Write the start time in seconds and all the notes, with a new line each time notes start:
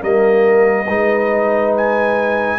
0.00 G3 A#3 A#4 D#5
0.87 G#3 D#4 B4
1.77 G#5